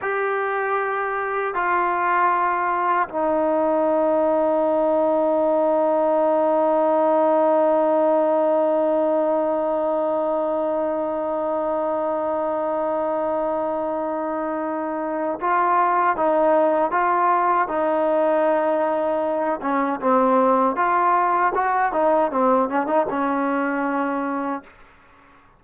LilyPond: \new Staff \with { instrumentName = "trombone" } { \time 4/4 \tempo 4 = 78 g'2 f'2 | dis'1~ | dis'1~ | dis'1~ |
dis'1 | f'4 dis'4 f'4 dis'4~ | dis'4. cis'8 c'4 f'4 | fis'8 dis'8 c'8 cis'16 dis'16 cis'2 | }